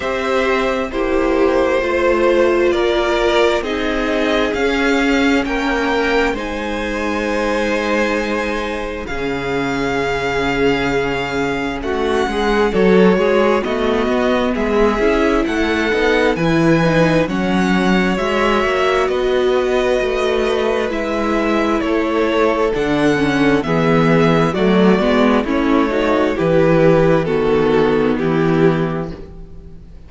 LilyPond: <<
  \new Staff \with { instrumentName = "violin" } { \time 4/4 \tempo 4 = 66 e''4 c''2 d''4 | dis''4 f''4 g''4 gis''4~ | gis''2 f''2~ | f''4 fis''4 cis''4 dis''4 |
e''4 fis''4 gis''4 fis''4 | e''4 dis''2 e''4 | cis''4 fis''4 e''4 d''4 | cis''4 b'4 a'4 g'4 | }
  \new Staff \with { instrumentName = "violin" } { \time 4/4 c''4 g'4 c''4 ais'4 | gis'2 ais'4 c''4~ | c''2 gis'2~ | gis'4 fis'8 gis'8 a'8 gis'8 fis'4 |
gis'4 a'4 b'4 cis''4~ | cis''4 b'2. | a'2 gis'4 fis'4 | e'8 fis'8 g'4 fis'4 e'4 | }
  \new Staff \with { instrumentName = "viola" } { \time 4/4 g'4 e'4 f'2 | dis'4 cis'2 dis'4~ | dis'2 cis'2~ | cis'2 fis'4 b4~ |
b8 e'4 dis'8 e'8 dis'8 cis'4 | fis'2. e'4~ | e'4 d'8 cis'8 b4 a8 b8 | cis'8 dis'8 e'4 b2 | }
  \new Staff \with { instrumentName = "cello" } { \time 4/4 c'4 ais4 a4 ais4 | c'4 cis'4 ais4 gis4~ | gis2 cis2~ | cis4 a8 gis8 fis8 gis8 a8 b8 |
gis8 cis'8 a8 b8 e4 fis4 | gis8 ais8 b4 a4 gis4 | a4 d4 e4 fis8 gis8 | a4 e4 dis4 e4 | }
>>